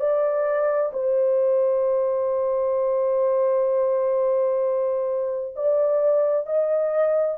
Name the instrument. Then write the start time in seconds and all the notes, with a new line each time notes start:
horn
0.00 D5
0.94 C5
5.56 D5
6.47 D#5